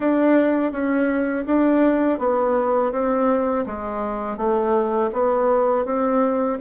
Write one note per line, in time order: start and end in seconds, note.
0.00 0.72 D4
0.72 1.45 C#4
1.45 2.19 D4
2.19 2.92 B3
2.92 3.65 C4
3.66 4.37 G#3
4.37 5.10 A3
5.12 5.85 B3
5.85 6.58 C4